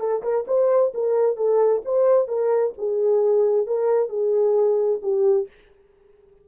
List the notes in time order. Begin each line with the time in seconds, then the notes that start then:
0.00 A4
0.23 A#4
0.48 C5
0.94 A#4
1.37 A4
1.86 C5
2.28 A#4
2.78 G#4
3.67 A#4
4.09 G#4
5.03 G4